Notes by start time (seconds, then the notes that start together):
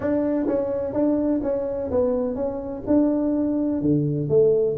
0.00 D4
0.47 C#4
0.93 D4
1.42 C#4
1.90 B3
2.35 C#4
2.87 D4
3.81 D3
4.29 A3